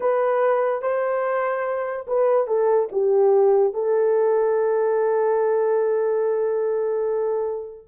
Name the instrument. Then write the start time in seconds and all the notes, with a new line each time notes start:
horn
0.00 B4
0.82 C5
2.07 B4
2.47 A4
2.92 G4
3.73 A4